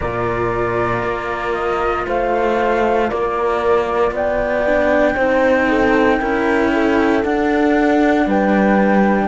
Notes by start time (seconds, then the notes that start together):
0.00 A#2 F4 A#4 D5
1.02 A#3
1.54 D#5
2.05 A3 C5 F5
3.09 A#3 A#4 D5
4.11 B3 D5 G5
4.66 D4
5.14 C4 D#4 C5
5.68 A4
6.19 C#4 E4 A#4
6.73 A4
7.22 D4 F#5
8.26 G3 B4 G5